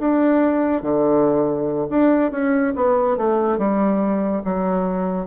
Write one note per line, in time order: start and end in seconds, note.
0.00 0.83 D4
0.83 1.88 D3
1.90 2.32 D4
2.32 2.74 C#4
2.76 3.18 B3
3.18 3.58 A3
3.58 4.43 G3
4.45 5.27 F#3